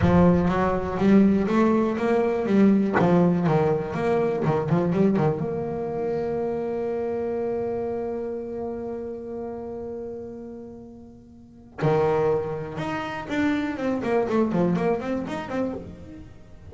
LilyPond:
\new Staff \with { instrumentName = "double bass" } { \time 4/4 \tempo 4 = 122 f4 fis4 g4 a4 | ais4 g4 f4 dis4 | ais4 dis8 f8 g8 dis8 ais4~ | ais1~ |
ais1~ | ais1 | dis2 dis'4 d'4 | c'8 ais8 a8 f8 ais8 c'8 dis'8 c'8 | }